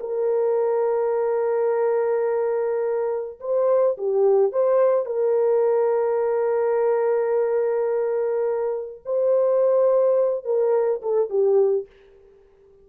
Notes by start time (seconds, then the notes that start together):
0.00 A#4
3.40 C5
3.98 G4
4.52 C5
5.06 A#4
9.05 C5
10.45 A#4
11.02 A4
11.30 G4